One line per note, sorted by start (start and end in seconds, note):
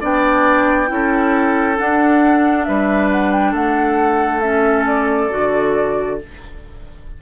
0.00 0.90 B3
0.00 0.87 D4
0.00 0.88 D5
0.00 1.78 G5
0.87 1.78 C#4
0.87 1.75 E4
0.87 2.67 A4
1.76 4.41 D4
1.76 2.67 D4
1.76 2.64 F#5
2.64 3.53 G3
2.64 3.51 B4
2.64 3.08 E5
3.11 3.31 F#5
3.31 3.53 G5
3.51 5.29 A3
3.51 6.16 A4
3.51 4.39 F#5
4.39 5.29 C#4
4.39 4.83 E5
4.86 6.19 D5
5.29 6.21 D3
5.29 6.18 F#4